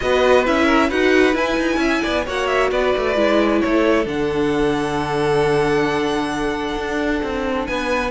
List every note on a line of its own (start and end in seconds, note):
0.00 0.47 B3
0.00 0.45 F#4
0.00 0.64 B4
0.00 0.44 D#5
0.45 0.90 C#4
0.45 0.90 E4
0.45 0.90 E5
0.64 0.87 A#4
0.88 1.34 D#4
0.88 1.33 F#4
0.88 1.78 B4
0.88 1.35 F#5
1.33 2.23 E4
1.33 1.57 E4
1.33 2.26 G#5
1.57 1.76 D#4
1.76 1.99 C#4
1.76 2.01 E5
2.02 2.27 B3
2.02 2.24 D5
2.25 2.71 A#3
2.25 3.15 F#4
2.25 2.70 C#5
2.25 2.47 F#5
2.47 2.69 E5
2.71 2.94 B3
2.71 3.61 B4
2.71 3.60 D5
2.96 3.16 A3
3.15 3.61 G#3
3.15 4.05 E4
3.60 4.05 A3
3.60 7.67 A4
3.60 4.05 C#5
4.05 6.76 D3
4.05 8.10 D4
4.05 7.66 F#5
6.76 7.21 D4
7.22 7.68 C4
7.66 8.10 B3
7.66 8.10 B4
7.66 8.10 G#5